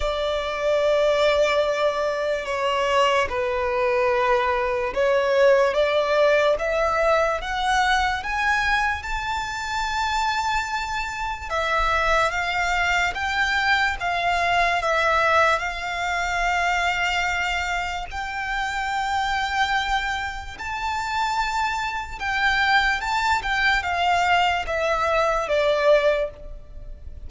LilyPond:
\new Staff \with { instrumentName = "violin" } { \time 4/4 \tempo 4 = 73 d''2. cis''4 | b'2 cis''4 d''4 | e''4 fis''4 gis''4 a''4~ | a''2 e''4 f''4 |
g''4 f''4 e''4 f''4~ | f''2 g''2~ | g''4 a''2 g''4 | a''8 g''8 f''4 e''4 d''4 | }